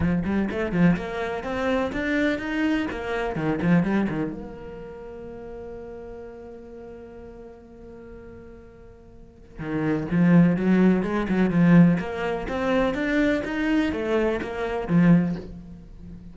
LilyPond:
\new Staff \with { instrumentName = "cello" } { \time 4/4 \tempo 4 = 125 f8 g8 a8 f8 ais4 c'4 | d'4 dis'4 ais4 dis8 f8 | g8 dis8 ais2.~ | ais1~ |
ais1 | dis4 f4 fis4 gis8 fis8 | f4 ais4 c'4 d'4 | dis'4 a4 ais4 f4 | }